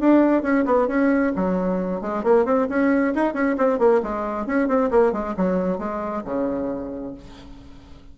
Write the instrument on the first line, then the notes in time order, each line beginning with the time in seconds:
bassoon
0.00 D4
0.42 C#4
0.65 B3
0.88 C#4
1.36 F#3
2.01 G#3
2.23 A#3
2.45 C4
2.69 C#4
3.15 D#4
3.33 C#4
3.57 C4
3.79 A#3
4.03 G#3
4.47 C#4
4.68 C4
4.91 A#3
5.12 G#3
5.37 F#3
5.79 G#3
6.24 C#3